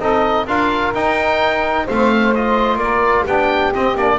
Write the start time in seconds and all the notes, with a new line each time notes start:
0.00 C4 D#4 A4 D#5
0.47 D4 F4 A#4 F5
0.94 D#4 G5
1.86 A3 C4 C5 F5
2.35 F4 D#5
2.76 A#3 D5
2.83 A#4
3.24 B3 D4 G4 G5
3.74 C4 D#5
3.96 A#3 D4 D5